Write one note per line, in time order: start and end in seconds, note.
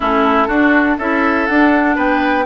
0.00 0.48 A3
0.00 0.49 C#4
0.00 0.47 E4
0.00 0.98 A4
0.47 0.97 D4
0.47 1.00 D4
0.47 0.96 F#4
0.98 1.48 C#4
0.98 1.49 E4
0.98 1.95 A4
0.98 1.46 E5
1.46 1.96 D4
1.46 2.45 D4
1.46 1.95 F#5
1.95 2.45 B3
1.95 2.44 B4
1.95 2.45 G5